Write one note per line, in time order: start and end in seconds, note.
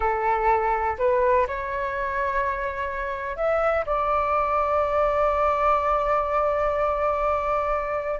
0.00 0.96 A4
0.98 1.46 B4
1.47 3.36 C#5
3.36 3.85 E5
3.86 8.20 D5